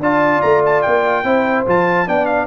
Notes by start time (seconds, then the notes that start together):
0.00 D4 F4 D5 A5
0.42 A3 A#5
0.66 A5
0.82 A#3 G5
1.24 C4 E4 C5
1.67 F3 F4 A5
2.07 B3 D4 D5 G5
2.26 F5